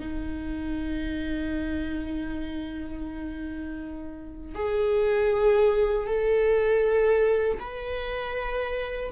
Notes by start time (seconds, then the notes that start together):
0.00 D#4
4.55 G#4
6.07 A4
7.60 B4